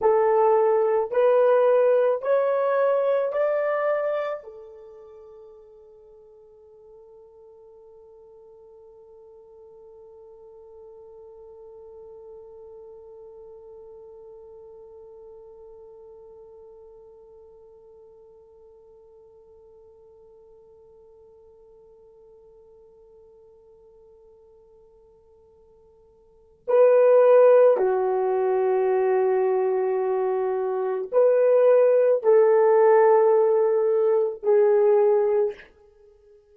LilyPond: \new Staff \with { instrumentName = "horn" } { \time 4/4 \tempo 4 = 54 a'4 b'4 cis''4 d''4 | a'1~ | a'1~ | a'1~ |
a'1~ | a'1 | b'4 fis'2. | b'4 a'2 gis'4 | }